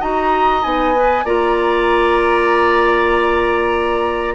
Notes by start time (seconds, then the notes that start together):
0.00 D#4 F#4 D#5 A#5
0.63 B3 D#4 G#5
0.96 B4
1.25 A#3 F4 D5 A#5